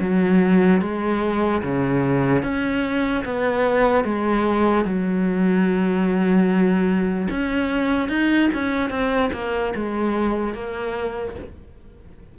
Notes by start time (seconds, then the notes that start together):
0.00 F#3
0.81 G#3
1.63 C#3
2.43 C#4
3.25 B3
4.05 G#3
4.85 F#3
7.30 C#4
8.09 D#4
8.54 C#4
8.90 C4
9.33 A#3
9.75 G#3
10.54 A#3